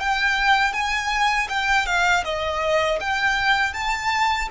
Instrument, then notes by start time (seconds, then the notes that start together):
violin
0.00 G5
0.73 G#5
1.49 G5
1.86 F5
2.25 D#5
3.00 G5
3.74 A5